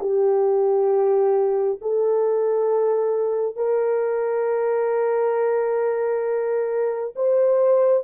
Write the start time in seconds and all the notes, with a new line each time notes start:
0.00 G4
1.81 A4
3.56 A#4
7.15 C5